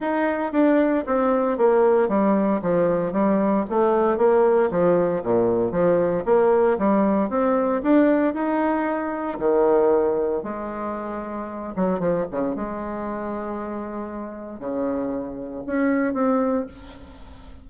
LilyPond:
\new Staff \with { instrumentName = "bassoon" } { \time 4/4 \tempo 4 = 115 dis'4 d'4 c'4 ais4 | g4 f4 g4 a4 | ais4 f4 ais,4 f4 | ais4 g4 c'4 d'4 |
dis'2 dis2 | gis2~ gis8 fis8 f8 cis8 | gis1 | cis2 cis'4 c'4 | }